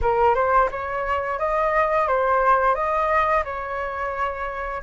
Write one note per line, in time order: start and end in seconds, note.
0.01 0.34 A#4
0.34 0.69 C5
0.71 1.38 C#5
1.38 2.07 D#5
2.07 2.74 C5
2.74 3.43 D#5
3.44 4.82 C#5